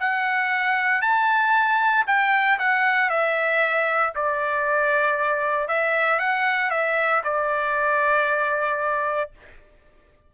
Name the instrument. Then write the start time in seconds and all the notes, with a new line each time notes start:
trumpet
0.00 F#5
1.02 A5
2.07 G5
2.59 F#5
3.10 E5
4.15 D5
5.68 E5
6.20 F#5
6.71 E5
7.24 D5